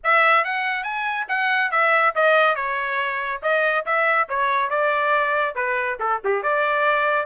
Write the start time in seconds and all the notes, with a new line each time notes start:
0.03 E5
0.44 F#5
0.83 G#5
1.28 F#5
1.71 E5
2.15 D#5
2.55 C#5
3.42 D#5
3.85 E5
4.28 C#5
4.69 D5
5.55 B4
5.99 A4
6.24 G4
6.42 D5